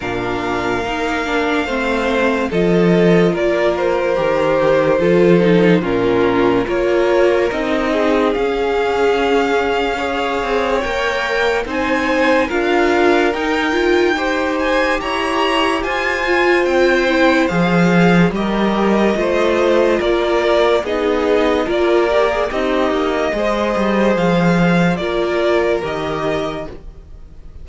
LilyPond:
<<
  \new Staff \with { instrumentName = "violin" } { \time 4/4 \tempo 4 = 72 f''2. dis''4 | d''8 c''2~ c''8 ais'4 | cis''4 dis''4 f''2~ | f''4 g''4 gis''4 f''4 |
g''4. gis''8 ais''4 gis''4 | g''4 f''4 dis''2 | d''4 dis''4 d''4 dis''4~ | dis''4 f''4 d''4 dis''4 | }
  \new Staff \with { instrumentName = "violin" } { \time 4/4 ais'2 c''4 a'4 | ais'2 a'4 f'4 | ais'4. gis'2~ gis'8 | cis''2 c''4 ais'4~ |
ais'4 c''4 cis''4 c''4~ | c''2 ais'4 c''4 | ais'4 gis'4 ais'4 dis'4 | c''2 ais'2 | }
  \new Staff \with { instrumentName = "viola" } { \time 4/4 d'4 dis'8 d'8 c'4 f'4~ | f'4 g'4 f'8 dis'8 cis'4 | f'4 dis'4 cis'2 | gis'4 ais'4 dis'4 f'4 |
dis'8 f'8 g'2~ g'8 f'8~ | f'8 e'8 gis'4 g'4 f'4~ | f'4 dis'4 f'8 g'16 gis'16 g'4 | gis'2 f'4 g'4 | }
  \new Staff \with { instrumentName = "cello" } { \time 4/4 ais,4 ais4 a4 f4 | ais4 dis4 f4 ais,4 | ais4 c'4 cis'2~ | cis'8 c'8 ais4 c'4 d'4 |
dis'2 e'4 f'4 | c'4 f4 g4 a4 | ais4 b4 ais4 c'8 ais8 | gis8 g8 f4 ais4 dis4 | }
>>